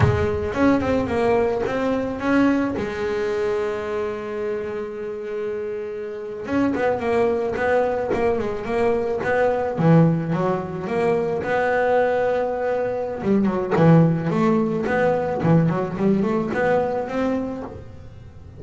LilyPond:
\new Staff \with { instrumentName = "double bass" } { \time 4/4 \tempo 4 = 109 gis4 cis'8 c'8 ais4 c'4 | cis'4 gis2.~ | gis2.~ gis8. cis'16~ | cis'16 b8 ais4 b4 ais8 gis8 ais16~ |
ais8. b4 e4 fis4 ais16~ | ais8. b2.~ b16 | g8 fis8 e4 a4 b4 | e8 fis8 g8 a8 b4 c'4 | }